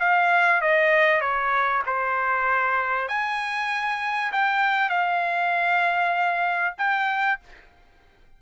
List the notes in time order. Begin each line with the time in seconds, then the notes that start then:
0.00 F5
0.62 D#5
1.21 C#5
1.86 C5
3.08 G#5
4.32 G5
4.90 F5
6.78 G5